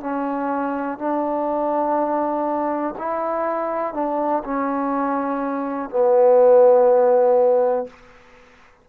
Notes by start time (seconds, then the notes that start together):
0.00 C#4
0.98 D4
2.98 E4
3.94 D4
4.44 C#4
5.90 B3